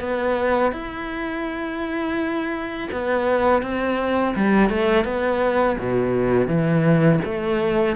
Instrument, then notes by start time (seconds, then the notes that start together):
cello
0.00 B3
0.72 E4
2.91 B3
3.62 C4
4.35 G3
4.69 A3
5.04 B3
5.78 B2
6.47 E3
7.24 A3